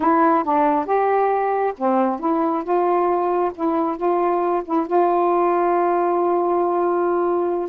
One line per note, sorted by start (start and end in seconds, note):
0.00 0.44 E4
0.44 0.85 D4
0.85 1.73 G4
1.77 2.19 C4
2.19 2.63 E4
2.63 3.51 F4
3.55 3.96 E4
3.96 4.62 F4
4.64 4.86 E4
4.86 7.69 F4